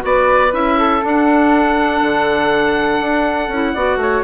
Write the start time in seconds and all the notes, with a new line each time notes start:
0.00 B3 F#4 D5
0.06 B4
0.52 C#4 E4 E5
0.78 A4
1.02 D4
1.08 F#5
2.02 D3
3.01 D4
3.48 C#4 E4
3.74 B3 F#4 D5
3.97 A3 C#5